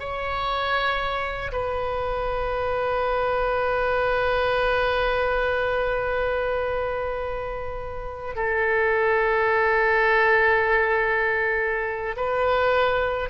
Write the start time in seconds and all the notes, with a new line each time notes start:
0.00 C#5
1.52 B4
8.36 A4
12.17 B4